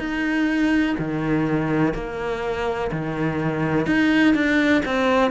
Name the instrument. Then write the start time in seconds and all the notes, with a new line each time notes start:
cello
0.00 D#4
0.99 D#3
1.94 A#3
2.92 D#3
3.87 D#4
4.35 D4
4.86 C4